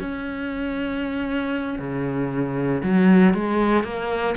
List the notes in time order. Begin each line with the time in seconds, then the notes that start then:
0.00 C#4
1.79 C#3
2.84 F#3
3.34 G#3
3.84 A#3